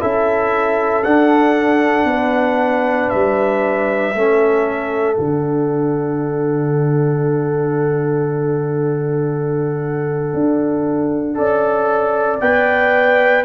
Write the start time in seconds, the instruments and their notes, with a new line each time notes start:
0.00 tuba C#4, trombone E4, horn A4, trumpet E5
1.04 trombone D4, tuba D4, trumpet F#5
2.05 tuba B3, horn B4
3.10 tuba G3, trumpet E5
4.14 tuba A3, trombone C#4, horn A4
5.15 tuba D3, trombone D4, trumpet F#5
10.34 tuba D4
11.35 tuba C#4, trombone A4, horn D5
12.41 tuba B3, trombone B4, trumpet G5